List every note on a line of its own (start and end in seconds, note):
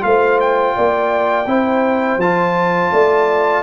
0.00 0.76 A3
0.00 1.45 F4
0.00 0.75 C5
0.00 0.39 F5
0.40 2.20 G5
0.75 1.46 A#3
0.75 1.47 D5
1.46 2.17 C4
1.46 2.19 E4
1.46 2.92 C5
2.17 2.89 F3
2.17 3.62 F4
2.17 3.62 A5
2.92 3.62 A3
2.92 3.62 D5